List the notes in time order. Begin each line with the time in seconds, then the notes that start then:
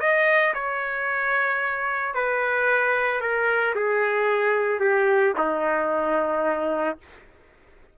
0.00 D#5
0.54 C#5
2.15 B4
3.21 A#4
3.75 G#4
4.80 G4
5.37 D#4